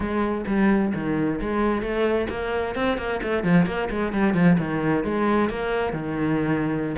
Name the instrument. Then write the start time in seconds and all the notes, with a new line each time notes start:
cello
0.00 G#3
0.47 G3
0.94 D#3
1.41 G#3
1.82 A3
2.29 A#3
2.75 C4
2.97 A#3
3.22 A3
3.43 F3
3.65 A#3
3.90 G#3
4.12 G3
4.34 F3
4.58 D#3
5.04 G#3
5.49 A#3
5.92 D#3